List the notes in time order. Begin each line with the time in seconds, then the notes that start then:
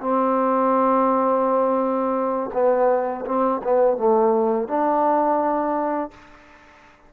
0.00 C4
2.53 B3
3.25 C4
3.63 B3
3.97 A3
4.68 D4